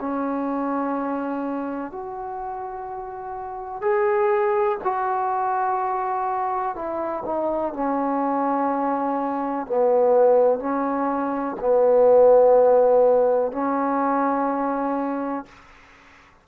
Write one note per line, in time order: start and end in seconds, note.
0.00 1.92 C#4
1.92 3.82 F#4
3.82 4.79 G#4
4.84 6.76 F#4
6.76 7.24 E4
7.26 7.74 D#4
7.74 9.67 C#4
9.67 10.60 B3
10.60 11.56 C#4
11.60 13.52 B3
13.52 15.46 C#4